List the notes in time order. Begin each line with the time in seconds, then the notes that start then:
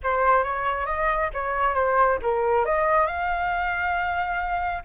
0.03 C5
0.43 C#5
0.85 D#5
1.33 C#5
1.74 C5
2.22 A#4
2.65 D#5
3.06 F5